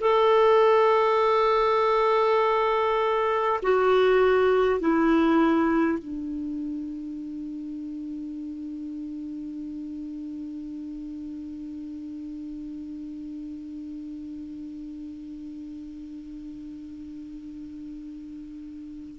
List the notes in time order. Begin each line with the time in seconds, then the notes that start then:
0.00 A4
3.62 F#4
4.80 E4
5.98 D4